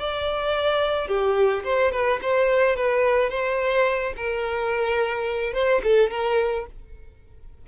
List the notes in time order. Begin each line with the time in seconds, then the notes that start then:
0.00 D5
1.08 G4
1.64 C5
1.92 B4
2.22 C5
2.77 B4
3.30 C5
4.17 A#4
5.54 C5
5.84 A4
6.11 A#4